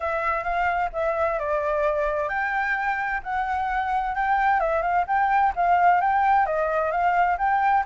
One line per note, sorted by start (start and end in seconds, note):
0.00 0.43 E5
0.43 0.89 F5
0.93 1.39 E5
1.39 2.28 D5
2.28 3.21 G5
3.23 4.15 F#5
4.15 4.60 G5
4.60 4.81 E5
4.81 5.05 F5
5.07 5.53 G5
5.55 6.01 F5
6.01 6.46 G5
6.46 6.91 D#5
6.91 7.37 F5
7.37 7.84 G5